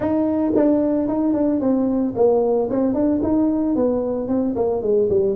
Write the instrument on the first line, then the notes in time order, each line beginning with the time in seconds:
tuba
0.00 D#4
0.55 D4
1.08 D#4
1.33 D4
1.60 C4
2.16 A#3
2.69 C4
2.94 D4
3.22 D#4
3.75 B3
4.28 C4
4.55 A#3
4.82 G#3
5.09 G3